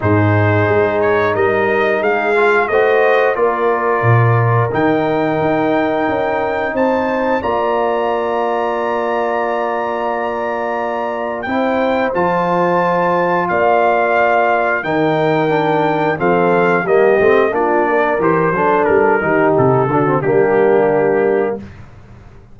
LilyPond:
<<
  \new Staff \with { instrumentName = "trumpet" } { \time 4/4 \tempo 4 = 89 c''4. cis''8 dis''4 f''4 | dis''4 d''2 g''4~ | g''2 a''4 ais''4~ | ais''1~ |
ais''4 g''4 a''2 | f''2 g''2 | f''4 dis''4 d''4 c''4 | ais'4 a'4 g'2 | }
  \new Staff \with { instrumentName = "horn" } { \time 4/4 gis'2 ais'4 gis'4 | c''4 ais'2.~ | ais'2 c''4 d''4~ | d''1~ |
d''4 c''2. | d''2 ais'2 | a'4 g'4 f'8 ais'4 a'8~ | a'8 g'4 fis'8 d'2 | }
  \new Staff \with { instrumentName = "trombone" } { \time 4/4 dis'2.~ dis'8 f'8 | fis'4 f'2 dis'4~ | dis'2. f'4~ | f'1~ |
f'4 e'4 f'2~ | f'2 dis'4 d'4 | c'4 ais8 c'8 d'4 g'8 d'8~ | d'8 dis'4 d'16 c'16 ais2 | }
  \new Staff \with { instrumentName = "tuba" } { \time 4/4 gis,4 gis4 g4 gis4 | a4 ais4 ais,4 dis4 | dis'4 cis'4 c'4 ais4~ | ais1~ |
ais4 c'4 f2 | ais2 dis2 | f4 g8 a8 ais4 e8 fis8 | g8 dis8 c8 d8 g2 | }
>>